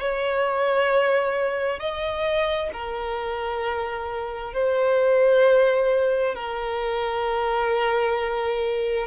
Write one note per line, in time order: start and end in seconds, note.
0.00 1.79 C#5
1.79 2.70 D#5
2.73 4.54 A#4
4.54 6.35 C5
6.35 9.07 A#4